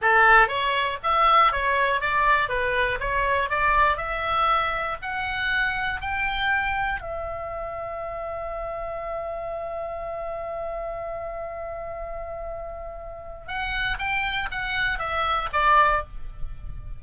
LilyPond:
\new Staff \with { instrumentName = "oboe" } { \time 4/4 \tempo 4 = 120 a'4 cis''4 e''4 cis''4 | d''4 b'4 cis''4 d''4 | e''2 fis''2 | g''2 e''2~ |
e''1~ | e''1~ | e''2. fis''4 | g''4 fis''4 e''4 d''4 | }